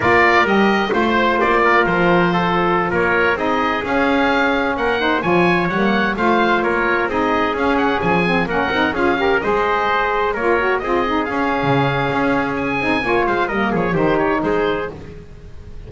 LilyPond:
<<
  \new Staff \with { instrumentName = "oboe" } { \time 4/4 \tempo 4 = 129 d''4 dis''4 c''4 d''4 | c''2~ c''16 cis''4 dis''8.~ | dis''16 f''2 fis''4 gis''8.~ | gis''16 fis''4 f''4 cis''4 dis''8.~ |
dis''16 f''8 fis''8 gis''4 fis''4 f''8.~ | f''16 dis''2 cis''4 dis''8.~ | dis''16 f''2~ f''8. gis''4~ | gis''8 f''8 dis''8 cis''8 c''8 cis''8 c''4 | }
  \new Staff \with { instrumentName = "trumpet" } { \time 4/4 ais'2 c''4. ais'8~ | ais'4 a'4~ a'16 ais'4 gis'8.~ | gis'2~ gis'16 ais'8 c''8 cis''8.~ | cis''4~ cis''16 c''4 ais'4 gis'8.~ |
gis'2~ gis'16 ais'4 gis'8 ais'16~ | ais'16 c''2 ais'4 gis'8.~ | gis'1 | cis''8 c''8 ais'8 gis'8 g'4 gis'4 | }
  \new Staff \with { instrumentName = "saxophone" } { \time 4/4 f'4 g'4 f'2~ | f'2.~ f'16 dis'8.~ | dis'16 cis'2~ cis'8 dis'8 f'8.~ | f'16 ais4 f'2 dis'8.~ |
dis'16 cis'4. c'8 cis'8 dis'8 f'8 g'16~ | g'16 gis'2 f'8 fis'8 f'8 dis'16~ | dis'16 cis'2.~ cis'16 dis'8 | f'4 ais4 dis'2 | }
  \new Staff \with { instrumentName = "double bass" } { \time 4/4 ais4 g4 a4 ais4 | f2~ f16 ais4 c'8.~ | c'16 cis'2 ais4 f8.~ | f16 g4 a4 ais4 c'8.~ |
c'16 cis'4 f4 ais8 c'8 cis'8.~ | cis'16 gis2 ais4 c'8.~ | c'16 cis'8. cis4 cis'4. c'8 | ais8 gis8 g8 f8 dis4 gis4 | }
>>